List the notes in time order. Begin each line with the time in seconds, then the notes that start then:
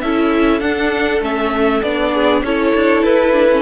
0.00 C#4 E4 A4 E5
0.60 D4 F#5
1.21 A3 C#4 E5
1.82 B3 D4 D5
2.12 G#4
2.42 C#4 E4 A4 C#5
2.74 D4
3.03 E4 B4
3.33 D4
3.51 C#4